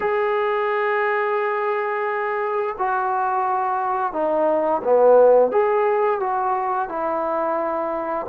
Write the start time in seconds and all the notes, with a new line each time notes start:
0.00 G#4
2.78 F#4
4.12 D#4
4.83 B3
5.51 G#4
6.20 F#4
6.88 E4